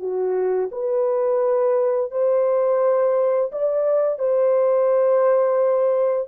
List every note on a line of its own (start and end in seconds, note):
0.00 0.70 F#4
0.72 2.12 B4
2.12 3.51 C5
3.52 4.19 D5
4.19 6.29 C5